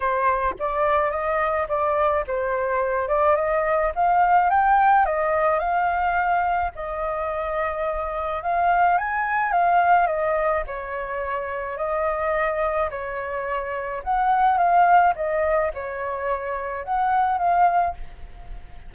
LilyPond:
\new Staff \with { instrumentName = "flute" } { \time 4/4 \tempo 4 = 107 c''4 d''4 dis''4 d''4 | c''4. d''8 dis''4 f''4 | g''4 dis''4 f''2 | dis''2. f''4 |
gis''4 f''4 dis''4 cis''4~ | cis''4 dis''2 cis''4~ | cis''4 fis''4 f''4 dis''4 | cis''2 fis''4 f''4 | }